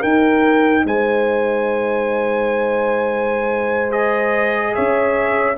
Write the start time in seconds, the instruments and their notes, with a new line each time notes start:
0.00 tuba D#4, trombone D#4, horn A#4, trumpet G5
0.84 tuba G#3, horn C5, trumpet G#5
3.90 trombone G#4, trumpet D#5
4.74 tuba C#4, horn C#5, trumpet E5